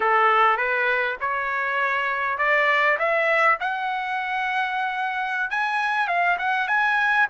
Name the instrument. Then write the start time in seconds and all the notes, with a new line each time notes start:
trumpet
0.00 A4
0.57 B4
1.20 C#5
2.38 D5
2.98 E5
3.60 F#5
5.50 G#5
6.07 F5
6.38 F#5
6.67 G#5